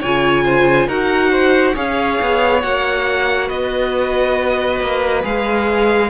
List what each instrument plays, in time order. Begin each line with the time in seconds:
0.00 cello C#3, viola F4, violin C#5 G#5
0.44 violin C5
0.87 cello D#4, viola F#4, violin A#4 F#5
1.31 violin C5
1.74 cello C#4, viola G#4, violin C#5 F5
2.21 cello B3
2.62 cello A#3, viola F#4, violin F#5
3.47 cello B3, violin B4 D#5
4.80 cello A#3
5.23 cello G#3, viola G#4, violin F5